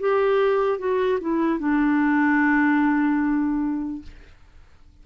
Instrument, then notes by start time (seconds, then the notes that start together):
clarinet
0.00 G4
0.79 F#4
1.21 E4
1.59 D4